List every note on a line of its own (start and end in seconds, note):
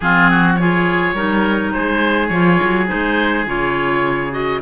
0.00 1.12 F3
0.00 0.59 C4
0.00 0.30 F4
0.00 0.54 G#4
0.30 0.59 F#4
0.55 1.16 F4
0.55 1.15 G#4
0.55 1.71 C#5
1.12 1.70 G3
1.12 2.31 D#4
1.12 1.72 A#4
1.72 2.30 G#3
1.72 4.61 G#4
1.72 2.27 C5
2.27 2.59 F3
2.27 2.87 F4
2.27 2.85 C#5
2.62 2.90 F#3
2.87 3.45 D#4
2.87 3.46 C5
2.93 3.46 G#3
3.46 4.61 C#3
3.46 4.31 F4
3.46 4.32 C#5
4.31 4.60 F#4
4.31 4.61 D#5